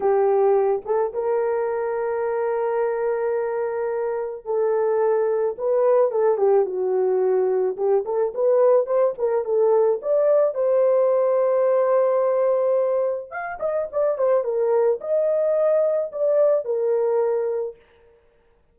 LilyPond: \new Staff \with { instrumentName = "horn" } { \time 4/4 \tempo 4 = 108 g'4. a'8 ais'2~ | ais'1 | a'2 b'4 a'8 g'8 | fis'2 g'8 a'8 b'4 |
c''8 ais'8 a'4 d''4 c''4~ | c''1 | f''8 dis''8 d''8 c''8 ais'4 dis''4~ | dis''4 d''4 ais'2 | }